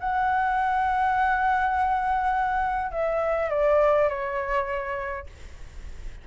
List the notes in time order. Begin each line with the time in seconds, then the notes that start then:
0.00 F#5
2.91 E5
3.50 D5
4.09 C#5